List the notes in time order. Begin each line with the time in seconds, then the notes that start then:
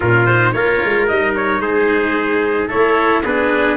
0.00 A#2 C#4 F4 A#4
0.25 D#4 C5
0.52 A#3 F4 A#4 C#5
0.84 G#3
1.07 G3 D#4 D#5
1.35 C#5
1.59 G#3 G#4 C5
2.67 A3 E4 A4 C#5
3.23 B3 D4 G#4 B4